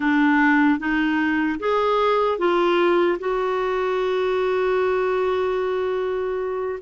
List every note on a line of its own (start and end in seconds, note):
0.00 0.79 D4
0.79 1.59 D#4
1.59 2.38 G#4
2.38 3.18 F4
3.19 6.79 F#4